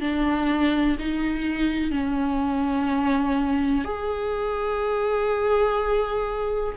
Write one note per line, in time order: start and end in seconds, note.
0.00 0.97 D4
0.99 1.90 D#4
1.90 3.84 C#4
3.84 6.75 G#4